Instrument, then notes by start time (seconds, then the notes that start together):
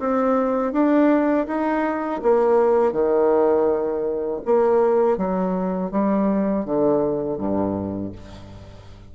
bassoon
0.00 C4
0.73 D4
1.47 D#4
2.23 A#3
2.93 D#3
4.46 A#3
5.18 F#3
5.91 G3
6.65 D3
7.38 G2